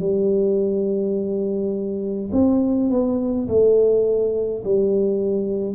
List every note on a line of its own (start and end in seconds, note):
0.00 2.31 G3
2.32 2.90 C4
2.90 3.48 B3
3.48 4.64 A3
4.65 5.75 G3